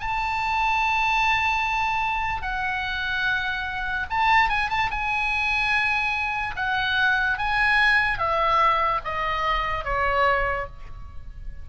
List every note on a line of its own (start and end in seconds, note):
0.00 2.42 A5
2.42 4.06 F#5
4.10 4.49 A5
4.49 4.70 G#5
4.70 4.90 A5
4.91 6.55 G#5
6.56 7.38 F#5
7.38 8.18 G#5
8.18 9.00 E5
9.04 9.84 D#5
9.84 10.67 C#5